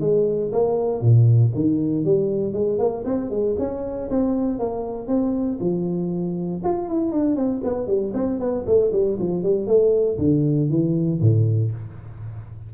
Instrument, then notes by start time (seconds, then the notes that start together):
tuba
0.00 G#3
0.52 A#3
1.01 A#2
1.54 D#3
2.04 G3
2.53 G#3
2.78 A#3
3.05 C4
3.30 G#3
3.58 C#4
4.09 C4
4.59 A#3
5.07 C4
5.60 F3
6.64 F4
6.88 E4
7.11 D4
7.36 C4
7.63 B3
7.87 G3
8.14 C4
8.39 B3
8.66 A3
8.92 G3
9.18 F3
9.43 G3
9.67 A3
10.18 D3
10.69 E3
11.20 A2